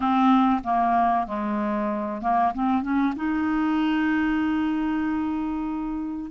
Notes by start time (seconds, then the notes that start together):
0.00 C4
0.63 A#3
1.27 G#3
2.21 A#3
2.53 C4
2.82 C#4
3.16 D#4